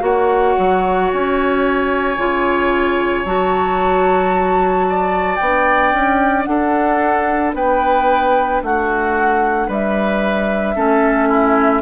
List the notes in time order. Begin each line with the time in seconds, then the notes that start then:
0.00 A#3 F#4 C#5 F#5
0.58 F#3
1.12 C#4 G#5
2.17 C#3 F4
3.25 F#3 F#4 A5
4.89 D5
5.36 B3 D4 G5
5.92 C#4
6.44 D4 A4 F#5
7.54 B3 B4 G5
8.62 A3 F#4 F#5
9.67 G3 B4 E5
10.75 A3 C#4 A4
11.28 E4